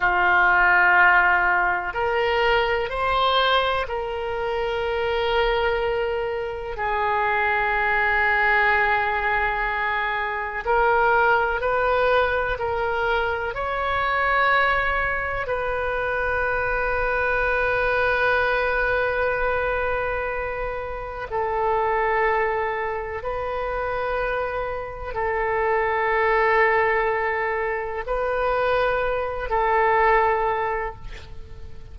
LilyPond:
\new Staff \with { instrumentName = "oboe" } { \time 4/4 \tempo 4 = 62 f'2 ais'4 c''4 | ais'2. gis'4~ | gis'2. ais'4 | b'4 ais'4 cis''2 |
b'1~ | b'2 a'2 | b'2 a'2~ | a'4 b'4. a'4. | }